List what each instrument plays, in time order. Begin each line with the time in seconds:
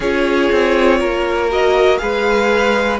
0.00 cello C#4, viola F4, violin G#4 C#5
0.51 cello C4
0.99 cello A#3, violin A#4
1.50 viola F#4, violin D#5
1.98 cello G#3, viola G#4, violin B4 F5